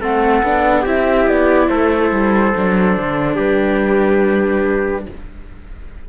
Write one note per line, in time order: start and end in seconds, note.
0.00 0.42 A3
0.00 0.43 C4
0.00 0.82 A4
0.00 0.86 F#5
0.43 0.85 B3
0.43 0.85 D4
0.82 1.26 C4
0.82 2.54 E4
0.82 1.67 G4
0.82 1.28 E5
1.26 1.69 B3
1.26 1.68 D5
1.68 2.11 A3
1.68 3.35 A4
1.68 3.37 C5
2.11 2.53 G3
2.55 2.97 F#3
2.55 5.09 D4
2.97 3.37 D3
3.35 5.06 G3
3.35 5.04 G4
3.35 5.06 B4